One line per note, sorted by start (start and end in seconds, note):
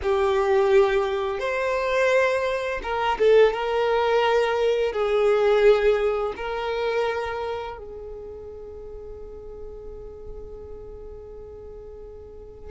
0.02 1.39 G4
1.39 2.80 C5
2.82 3.18 A#4
3.18 3.53 A4
3.53 4.92 A#4
4.92 6.33 G#4
6.36 7.77 A#4
7.77 12.70 G#4